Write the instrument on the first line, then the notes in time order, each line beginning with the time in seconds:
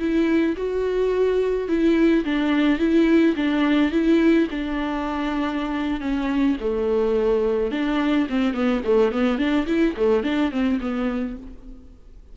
viola
0.00 E4
0.57 F#4
1.69 E4
2.25 D4
2.80 E4
3.37 D4
3.92 E4
4.51 D4
6.01 C#4
6.61 A3
7.72 D4
8.30 C4
8.54 B3
8.85 A3
9.12 B3
9.38 D4
9.67 E4
9.97 A3
10.24 D4
10.52 C4
10.81 B3